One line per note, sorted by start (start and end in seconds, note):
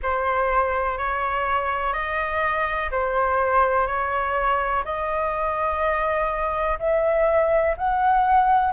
0.02 0.98 C5
0.98 1.93 C#5
1.93 2.89 D#5
2.91 3.86 C5
3.86 4.83 C#5
4.84 6.78 D#5
6.79 7.76 E5
7.77 8.73 F#5